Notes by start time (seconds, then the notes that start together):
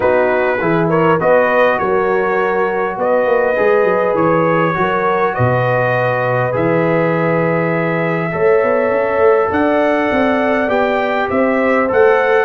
0.00 B3 D#4 F#4 B4
0.60 E3 E4 G#4
0.88 A#4 C#5
1.18 B3 F#4 B4 D#5
1.78 F#3 A#4 C#5
2.97 B3 B4 D#5
3.25 A#3
3.55 G#3 G#4
3.84 F#3
4.14 E3 C#5
4.74 F#3 F#4 A#4
5.34 B2 B4 D#5
6.52 E3 G#4 E5
8.31 A3 A4 C#5
8.62 B3
8.90 C#4
9.18 A3
9.50 D4 D5 F#5
10.11 C4
10.68 B3 G4 G5
11.28 C4 C5 E5
11.88 A3 A4 F#5